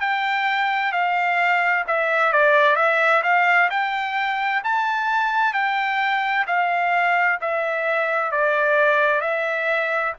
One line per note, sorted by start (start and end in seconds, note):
0.00 0.92 G5
0.92 1.85 F5
1.88 2.33 E5
2.33 2.76 D5
2.76 3.22 E5
3.23 3.69 F5
3.70 4.63 G5
4.64 5.53 A5
5.53 6.46 G5
6.47 7.39 F5
7.41 8.32 E5
8.32 9.21 D5
9.21 10.14 E5